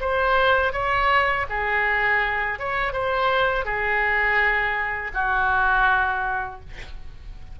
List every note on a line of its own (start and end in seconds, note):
0.00 0.73 C5
0.73 1.46 C#5
1.49 2.59 G#4
2.59 2.92 C#5
2.92 3.65 C5
3.65 5.11 G#4
5.14 6.60 F#4